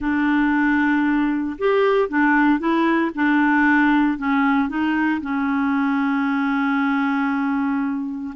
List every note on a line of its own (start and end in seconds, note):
0.00 1.57 D4
1.58 2.09 G4
2.09 2.59 D4
2.59 3.11 E4
3.14 4.18 D4
4.18 4.68 C#4
4.68 5.21 D#4
5.21 8.34 C#4